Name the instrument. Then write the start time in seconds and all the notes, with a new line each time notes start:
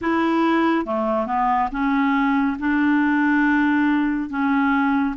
clarinet
0.01 E4
0.85 A3
1.26 B3
1.71 C#4
2.59 D4
4.29 C#4